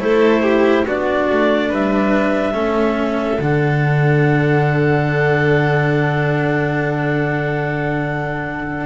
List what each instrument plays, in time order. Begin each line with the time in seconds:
0.00 double bass A3, cello E4, violin A4, clarinet C5
0.43 violin G4
0.87 double bass B3, cello D4, violin F#4, clarinet D5
1.30 double bass A3
1.69 double bass G3, violin B4, clarinet E5
2.54 double bass A3, cello C#4, violin A4
3.39 double bass D3, cello D4, clarinet F#5